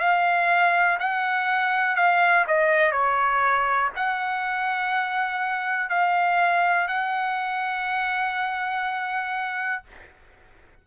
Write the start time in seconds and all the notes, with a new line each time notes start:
0.00 F5
1.00 F#5
1.96 F5
2.48 D#5
2.92 C#5
3.96 F#5
5.90 F5
6.88 F#5